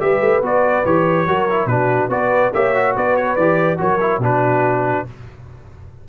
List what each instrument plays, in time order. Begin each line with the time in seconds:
0.00 tuba G3, trombone G4, horn B4, trumpet E5
0.20 tuba A3
0.41 tuba B3, trombone F#4, trumpet D5
0.85 tuba E3, trombone G4, trumpet C#5
1.26 tuba F#3, trombone F#4, horn A#4
1.49 trombone E4
1.65 tuba B2, trombone D4, horn F#4, trumpet B4
2.09 tuba B3, trombone F#4, horn B4, trumpet D5
2.53 tuba A#3, trombone G4, horn C#5, trumpet E5
2.75 trombone F#4
2.95 tuba B3, horn B4, trumpet D5
3.16 trumpet C#5
3.36 tuba E3, trombone G4, trumpet D5
3.78 tuba F#3, trombone F#4, horn A#4, trumpet C#5
4.00 trombone E4
4.18 tuba B2, trombone D4, horn F#4
4.24 trumpet B4